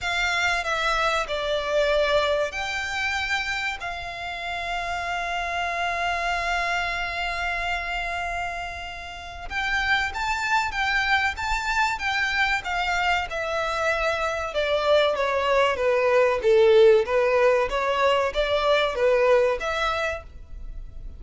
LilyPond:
\new Staff \with { instrumentName = "violin" } { \time 4/4 \tempo 4 = 95 f''4 e''4 d''2 | g''2 f''2~ | f''1~ | f''2. g''4 |
a''4 g''4 a''4 g''4 | f''4 e''2 d''4 | cis''4 b'4 a'4 b'4 | cis''4 d''4 b'4 e''4 | }